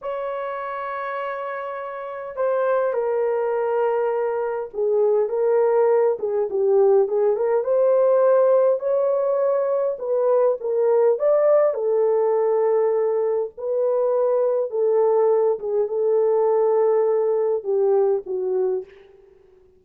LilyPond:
\new Staff \with { instrumentName = "horn" } { \time 4/4 \tempo 4 = 102 cis''1 | c''4 ais'2. | gis'4 ais'4. gis'8 g'4 | gis'8 ais'8 c''2 cis''4~ |
cis''4 b'4 ais'4 d''4 | a'2. b'4~ | b'4 a'4. gis'8 a'4~ | a'2 g'4 fis'4 | }